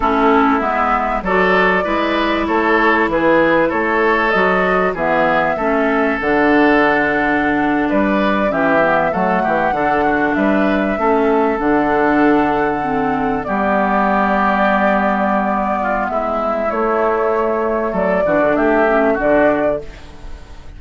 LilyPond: <<
  \new Staff \with { instrumentName = "flute" } { \time 4/4 \tempo 4 = 97 a'4 e''4 d''2 | cis''4 b'4 cis''4 dis''4 | e''2 fis''2~ | fis''8. d''4 e''4 fis''4~ fis''16~ |
fis''8. e''2 fis''4~ fis''16~ | fis''4.~ fis''16 d''2~ d''16~ | d''2 e''4 cis''4~ | cis''4 d''4 e''4 d''4 | }
  \new Staff \with { instrumentName = "oboe" } { \time 4/4 e'2 a'4 b'4 | a'4 gis'4 a'2 | gis'4 a'2.~ | a'8. b'4 g'4 a'8 g'8 a'16~ |
a'16 fis'8 b'4 a'2~ a'16~ | a'4.~ a'16 g'2~ g'16~ | g'4. f'8 e'2~ | e'4 a'8 fis'8 g'4 fis'4 | }
  \new Staff \with { instrumentName = "clarinet" } { \time 4/4 cis'4 b4 fis'4 e'4~ | e'2. fis'4 | b4 cis'4 d'2~ | d'4.~ d'16 cis'8 b8 a4 d'16~ |
d'4.~ d'16 cis'4 d'4~ d'16~ | d'8. c'4 b2~ b16~ | b2. a4~ | a4. d'4 cis'8 d'4 | }
  \new Staff \with { instrumentName = "bassoon" } { \time 4/4 a4 gis4 fis4 gis4 | a4 e4 a4 fis4 | e4 a4 d2~ | d8. g4 e4 fis8 e8 d16~ |
d8. g4 a4 d4~ d16~ | d4.~ d16 g2~ g16~ | g2 gis4 a4~ | a4 fis8 e16 d16 a4 d4 | }
>>